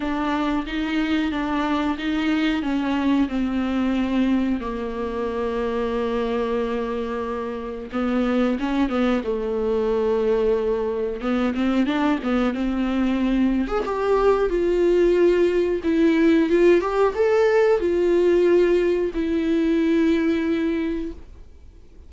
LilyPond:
\new Staff \with { instrumentName = "viola" } { \time 4/4 \tempo 4 = 91 d'4 dis'4 d'4 dis'4 | cis'4 c'2 ais4~ | ais1 | b4 cis'8 b8 a2~ |
a4 b8 c'8 d'8 b8 c'4~ | c'8. gis'16 g'4 f'2 | e'4 f'8 g'8 a'4 f'4~ | f'4 e'2. | }